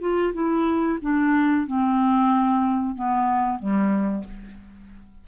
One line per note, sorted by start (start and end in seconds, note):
0.00 0.33 F4
0.33 0.98 E4
1.01 1.66 D4
1.66 2.95 C4
2.95 3.58 B3
3.58 4.24 G3